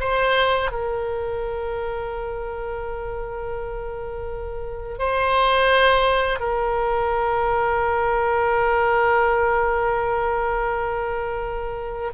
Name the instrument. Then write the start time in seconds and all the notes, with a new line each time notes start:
oboe
0.00 C5
0.72 A#4
4.99 C5
6.40 A#4